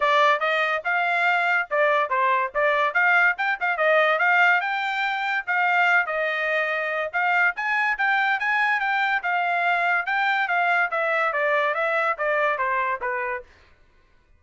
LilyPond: \new Staff \with { instrumentName = "trumpet" } { \time 4/4 \tempo 4 = 143 d''4 dis''4 f''2 | d''4 c''4 d''4 f''4 | g''8 f''8 dis''4 f''4 g''4~ | g''4 f''4. dis''4.~ |
dis''4 f''4 gis''4 g''4 | gis''4 g''4 f''2 | g''4 f''4 e''4 d''4 | e''4 d''4 c''4 b'4 | }